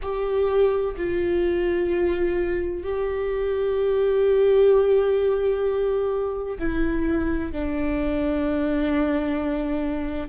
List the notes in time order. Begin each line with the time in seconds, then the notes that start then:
0.02 G4
0.96 F4
2.83 G4
6.58 E4
7.52 D4